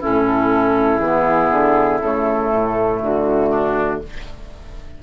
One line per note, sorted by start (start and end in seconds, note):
0.00 1.01 C#4
0.00 3.50 E4
0.00 0.99 A4
0.06 0.99 A2
0.99 1.49 E3
0.99 2.02 B3
0.99 1.99 G#4
1.51 2.00 D3
2.00 2.50 C#3
2.00 4.03 A3
2.00 3.01 A4
2.52 3.02 A2
3.02 4.02 D3
3.02 4.02 F#4
3.50 4.00 D4